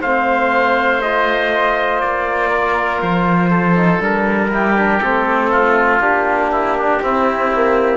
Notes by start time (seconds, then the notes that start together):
0.00 A3 C4 C5 F5
1.02 F4 D#5
2.00 A#3 D5
2.50 A#4
3.02 F3 C5
3.50 A4
3.76 D#4
4.00 G3 D4 A#4
4.51 E4 G4
4.76 D4
5.01 A3 C4 A4
5.51 F4
5.99 A#3 D4 G4
6.51 E4
6.77 D4
7.02 C4 E4
7.52 A#3